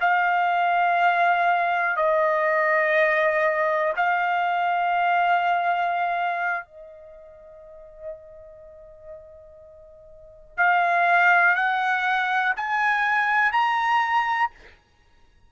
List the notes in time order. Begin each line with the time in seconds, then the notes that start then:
0.00 F5
1.96 D#5
3.96 F5
6.65 D#5
10.57 F5
11.55 F#5
12.56 G#5
13.52 A#5